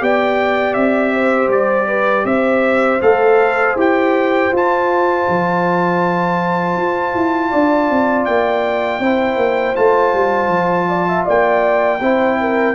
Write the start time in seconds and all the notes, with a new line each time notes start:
0.00 B3 G4 D5 G5
0.74 C4 E5
1.14 C5
1.48 G3 D5
1.88 B4
2.25 C4 C5 E5
3.02 A3 A4 F5
3.76 E4 G4 G5
4.52 F4 A5
5.28 F3
6.77 F4
7.15 E4
7.50 D4 D5
7.90 C4
8.25 A#3 G5
8.99 C4 E4 C5
9.37 A#3
9.75 A3 F4 A5
10.14 G3
10.48 F3
10.89 D5
11.08 E5
11.25 A#3 D5 G5
12.01 C4 E4 C5
12.40 A#4